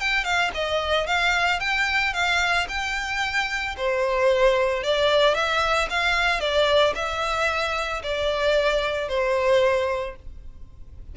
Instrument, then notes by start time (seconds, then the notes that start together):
violin
0.00 G5
0.24 F5
0.54 D#5
1.07 F5
1.59 G5
2.13 F5
2.69 G5
3.77 C5
4.83 D5
5.34 E5
5.90 F5
6.40 D5
6.95 E5
8.03 D5
9.09 C5